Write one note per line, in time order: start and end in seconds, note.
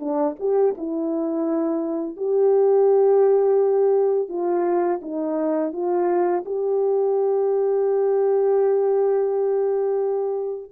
0.00 0.36 D4
0.40 0.75 G4
0.77 2.17 E4
2.17 4.29 G4
4.29 5.00 F4
5.02 5.72 D#4
5.72 6.44 F4
6.45 10.72 G4